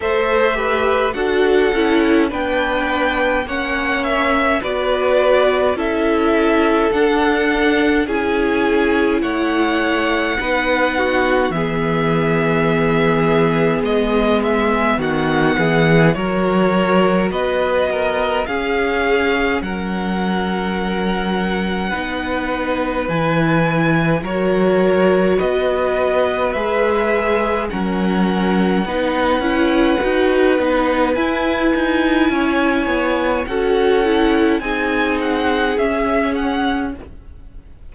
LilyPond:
<<
  \new Staff \with { instrumentName = "violin" } { \time 4/4 \tempo 4 = 52 e''4 fis''4 g''4 fis''8 e''8 | d''4 e''4 fis''4 gis''4 | fis''2 e''2 | dis''8 e''8 fis''4 cis''4 dis''4 |
f''4 fis''2. | gis''4 cis''4 dis''4 e''4 | fis''2. gis''4~ | gis''4 fis''4 gis''8 fis''8 e''8 fis''8 | }
  \new Staff \with { instrumentName = "violin" } { \time 4/4 c''8 b'8 a'4 b'4 cis''4 | b'4 a'2 gis'4 | cis''4 b'8 fis'8 gis'2~ | gis'4 fis'8 gis'8 ais'4 b'8 ais'8 |
gis'4 ais'2 b'4~ | b'4 ais'4 b'2 | ais'4 b'2. | cis''4 a'4 gis'2 | }
  \new Staff \with { instrumentName = "viola" } { \time 4/4 a'8 g'8 fis'8 e'8 d'4 cis'4 | fis'4 e'4 d'4 e'4~ | e'4 dis'4 b2~ | b2 fis'2 |
cis'2. dis'4 | e'4 fis'2 gis'4 | cis'4 dis'8 e'8 fis'8 dis'8 e'4~ | e'4 fis'8 e'8 dis'4 cis'4 | }
  \new Staff \with { instrumentName = "cello" } { \time 4/4 a4 d'8 cis'8 b4 ais4 | b4 cis'4 d'4 cis'4 | a4 b4 e2 | gis4 dis8 e8 fis4 b4 |
cis'4 fis2 b4 | e4 fis4 b4 gis4 | fis4 b8 cis'8 dis'8 b8 e'8 dis'8 | cis'8 b8 cis'4 c'4 cis'4 | }
>>